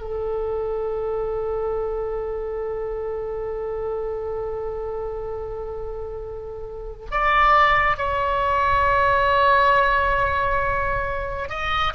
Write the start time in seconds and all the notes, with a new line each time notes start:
0.00 A4
7.11 D5
7.97 C#5
11.49 D#5